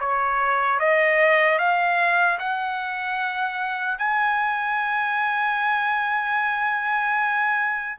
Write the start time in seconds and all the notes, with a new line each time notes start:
0.00 C#5
0.80 D#5
1.59 F5
2.39 F#5
3.99 G#5